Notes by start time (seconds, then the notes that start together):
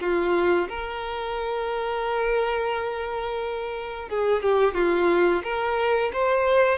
0.00 F4
0.68 A#4
4.09 G#4
4.42 G4
4.74 F4
5.43 A#4
6.13 C5